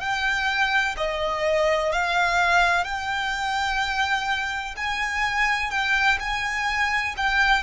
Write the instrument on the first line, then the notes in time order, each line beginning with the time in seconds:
violin
0.00 G5
0.97 D#5
1.92 F5
2.84 G5
4.77 G#5
5.71 G5
6.20 G#5
7.17 G5